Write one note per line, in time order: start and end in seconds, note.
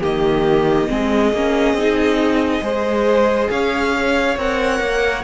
0.00 0.89 D#3
0.00 0.88 A#3
0.00 0.87 G4
0.00 3.50 D#5
0.88 1.33 G#3
0.88 1.31 C4
0.88 2.63 G#4
1.33 1.73 A#3
1.33 1.78 C#4
1.73 2.60 C4
1.73 2.61 D#4
2.61 3.48 G#3
2.61 4.35 G#4
2.61 3.50 C5
3.49 4.36 C#4
3.49 5.23 C#5
3.49 4.37 F5
4.36 4.80 C4
4.36 5.23 A#4
4.36 5.23 F#5
4.80 5.23 A#3